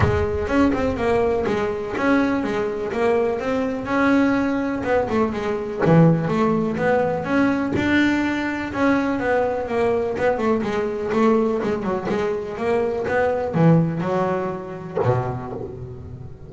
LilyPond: \new Staff \with { instrumentName = "double bass" } { \time 4/4 \tempo 4 = 124 gis4 cis'8 c'8 ais4 gis4 | cis'4 gis4 ais4 c'4 | cis'2 b8 a8 gis4 | e4 a4 b4 cis'4 |
d'2 cis'4 b4 | ais4 b8 a8 gis4 a4 | gis8 fis8 gis4 ais4 b4 | e4 fis2 b,4 | }